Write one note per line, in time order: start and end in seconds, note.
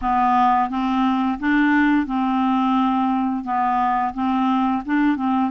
0.01 0.69 B3
0.69 1.38 C4
1.39 2.06 D4
2.06 3.44 C4
3.44 4.13 B3
4.13 4.82 C4
4.85 5.16 D4
5.16 5.50 C4